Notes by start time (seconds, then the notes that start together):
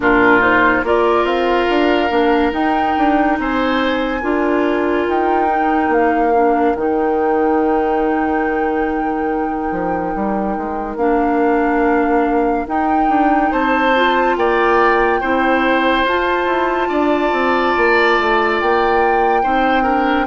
0.00 A#2 D4 F4 A#4
0.40 D#4 C5
0.83 A#3 F4 A#4 D5
1.23 C4 F5
1.69 D4
2.10 A#3 D4
2.51 D#4 G5
2.97 D4
3.39 C4 C5 G#5
4.20 D4 F4 A#4
5.08 D#4 G5
5.48 D#4
5.89 A#3 F5
6.33 D4
6.75 D#3 D#4 G5
9.71 F3
10.15 G3
10.57 G#3
10.95 A#3 D4 F5
12.67 D#4 G5
13.08 D4
13.51 C4 C5 A5
13.95 F4
14.36 A#3 D5 G5
15.20 C4 E4 C5
16.04 F4 A5
16.45 E4
16.89 D4 D5
17.32 C4
17.76 A#3
18.18 A3
18.60 A#3 G5
19.42 C4 D#4 C5
19.83 D4 A#4